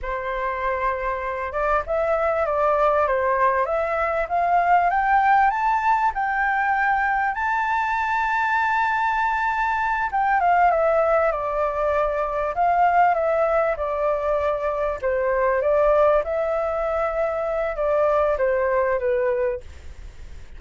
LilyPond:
\new Staff \with { instrumentName = "flute" } { \time 4/4 \tempo 4 = 98 c''2~ c''8 d''8 e''4 | d''4 c''4 e''4 f''4 | g''4 a''4 g''2 | a''1~ |
a''8 g''8 f''8 e''4 d''4.~ | d''8 f''4 e''4 d''4.~ | d''8 c''4 d''4 e''4.~ | e''4 d''4 c''4 b'4 | }